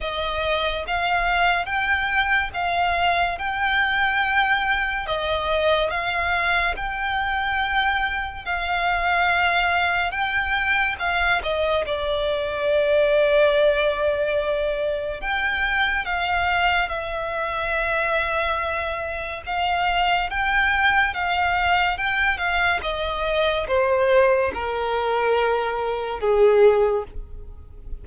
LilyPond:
\new Staff \with { instrumentName = "violin" } { \time 4/4 \tempo 4 = 71 dis''4 f''4 g''4 f''4 | g''2 dis''4 f''4 | g''2 f''2 | g''4 f''8 dis''8 d''2~ |
d''2 g''4 f''4 | e''2. f''4 | g''4 f''4 g''8 f''8 dis''4 | c''4 ais'2 gis'4 | }